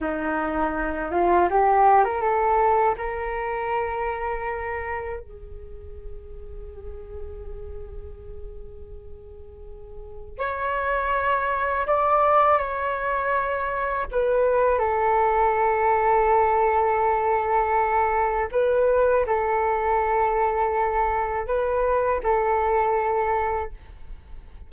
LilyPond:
\new Staff \with { instrumentName = "flute" } { \time 4/4 \tempo 4 = 81 dis'4. f'8 g'8. ais'16 a'4 | ais'2. gis'4~ | gis'1~ | gis'2 cis''2 |
d''4 cis''2 b'4 | a'1~ | a'4 b'4 a'2~ | a'4 b'4 a'2 | }